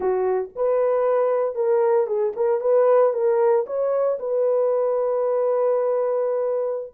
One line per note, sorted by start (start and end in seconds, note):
0.00 0.49 F#4
0.55 1.55 B4
1.55 2.06 A#4
2.06 2.32 G#4
2.35 2.61 A#4
2.61 3.13 B4
3.13 3.65 A#4
3.66 4.18 C#5
4.19 6.93 B4